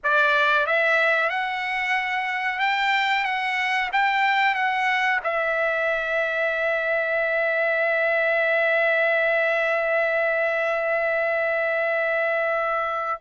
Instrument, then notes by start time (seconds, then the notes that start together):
trumpet
0.03 D5
0.66 E5
1.29 F#5
2.59 G5
3.24 F#5
3.92 G5
4.54 F#5
5.23 E5